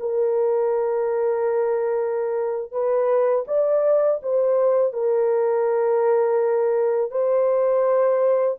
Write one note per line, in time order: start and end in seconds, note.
0.00 2.72 A#4
2.72 3.45 B4
3.48 4.21 D5
4.23 4.93 C5
4.93 7.11 A#4
7.11 8.58 C5